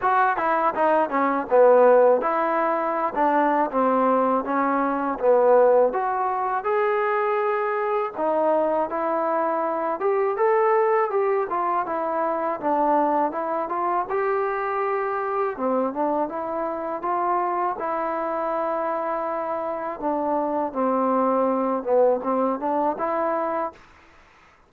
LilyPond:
\new Staff \with { instrumentName = "trombone" } { \time 4/4 \tempo 4 = 81 fis'8 e'8 dis'8 cis'8 b4 e'4~ | e'16 d'8. c'4 cis'4 b4 | fis'4 gis'2 dis'4 | e'4. g'8 a'4 g'8 f'8 |
e'4 d'4 e'8 f'8 g'4~ | g'4 c'8 d'8 e'4 f'4 | e'2. d'4 | c'4. b8 c'8 d'8 e'4 | }